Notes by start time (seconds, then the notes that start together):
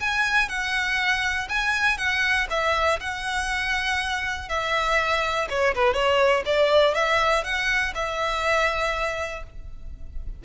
0.00 G#5
0.49 F#5
1.49 G#5
1.97 F#5
2.50 E5
3.00 F#5
4.49 E5
5.49 C#5
5.75 B4
5.93 C#5
6.46 D5
6.94 E5
7.44 F#5
7.95 E5